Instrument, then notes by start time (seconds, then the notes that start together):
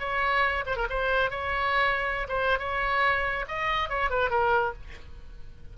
oboe
0.00 C#5
0.66 C5
0.77 A#4
0.90 C5
1.31 C#5
2.29 C5
2.59 C#5
3.48 D#5
3.89 C#5
4.10 B4
4.30 A#4